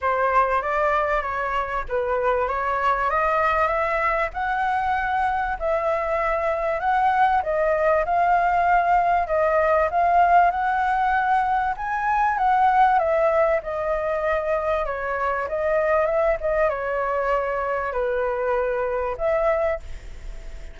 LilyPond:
\new Staff \with { instrumentName = "flute" } { \time 4/4 \tempo 4 = 97 c''4 d''4 cis''4 b'4 | cis''4 dis''4 e''4 fis''4~ | fis''4 e''2 fis''4 | dis''4 f''2 dis''4 |
f''4 fis''2 gis''4 | fis''4 e''4 dis''2 | cis''4 dis''4 e''8 dis''8 cis''4~ | cis''4 b'2 e''4 | }